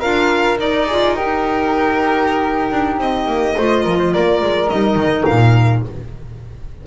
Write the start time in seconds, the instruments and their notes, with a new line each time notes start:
0.00 double bass D4, clarinet F4, flute A#4, violin F5
0.58 clarinet D#4, double bass D#4, violin D5
0.86 clarinet F4, flute G#4
1.16 clarinet D#4, flute G4, violin A#4
2.71 double bass D4
2.98 double bass C4, violin D#5
3.27 double bass A#3
3.56 double bass A3, clarinet F4, flute C5
3.83 double bass F3, flute A#4
3.98 flute C5
4.13 double bass A#3, flute A#4, violin D5
4.42 double bass G#3
4.69 double bass G3, clarinet D#4, violin D#5
4.95 double bass D#3
5.25 double bass A#2, violin F5